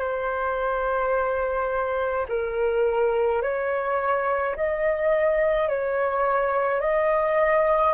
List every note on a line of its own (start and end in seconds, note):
0.00 2.26 C5
2.28 3.42 A#4
3.42 4.55 C#5
4.55 5.68 D#5
5.68 6.80 C#5
6.80 7.93 D#5